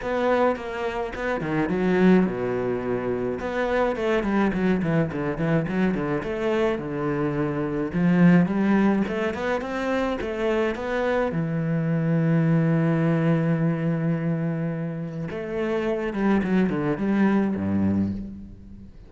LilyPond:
\new Staff \with { instrumentName = "cello" } { \time 4/4 \tempo 4 = 106 b4 ais4 b8 dis8 fis4 | b,2 b4 a8 g8 | fis8 e8 d8 e8 fis8 d8 a4 | d2 f4 g4 |
a8 b8 c'4 a4 b4 | e1~ | e2. a4~ | a8 g8 fis8 d8 g4 g,4 | }